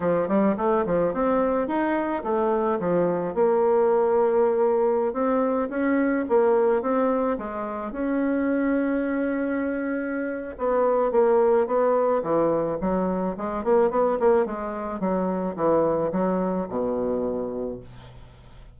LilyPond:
\new Staff \with { instrumentName = "bassoon" } { \time 4/4 \tempo 4 = 108 f8 g8 a8 f8 c'4 dis'4 | a4 f4 ais2~ | ais4~ ais16 c'4 cis'4 ais8.~ | ais16 c'4 gis4 cis'4.~ cis'16~ |
cis'2. b4 | ais4 b4 e4 fis4 | gis8 ais8 b8 ais8 gis4 fis4 | e4 fis4 b,2 | }